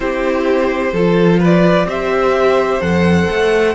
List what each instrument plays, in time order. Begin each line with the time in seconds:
0.00 cello C4, viola E4, violin G4 C5
0.92 cello F3, viola F4, violin A4
1.39 violin B4 D5
1.85 cello C4, viola G4, violin C5 E5
2.80 cello F2, viola A4, violin F#5
3.30 cello A3